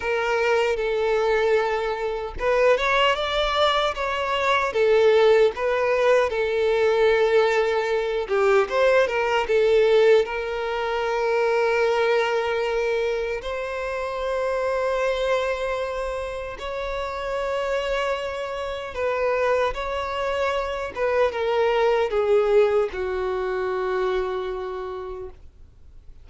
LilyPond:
\new Staff \with { instrumentName = "violin" } { \time 4/4 \tempo 4 = 76 ais'4 a'2 b'8 cis''8 | d''4 cis''4 a'4 b'4 | a'2~ a'8 g'8 c''8 ais'8 | a'4 ais'2.~ |
ais'4 c''2.~ | c''4 cis''2. | b'4 cis''4. b'8 ais'4 | gis'4 fis'2. | }